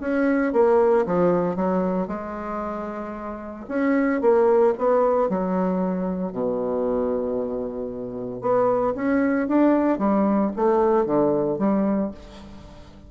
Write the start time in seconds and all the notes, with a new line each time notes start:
0.00 C#4
0.53 A#3
1.06 F3
1.56 F#3
2.07 G#3
3.68 C#4
4.21 A#3
4.78 B3
5.29 F#3
6.32 B2
8.41 B3
8.95 C#4
9.48 D4
9.98 G3
10.56 A3
11.06 D3
11.58 G3